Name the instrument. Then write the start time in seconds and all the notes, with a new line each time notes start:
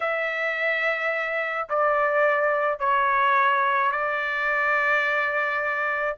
trumpet
0.00 E5
1.69 D5
2.79 C#5
3.91 D5